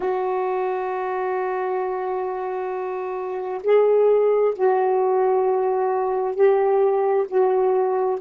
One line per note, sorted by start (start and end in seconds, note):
0.00 3.61 F#4
3.63 4.54 G#4
4.55 6.35 F#4
6.35 7.26 G4
7.27 8.18 F#4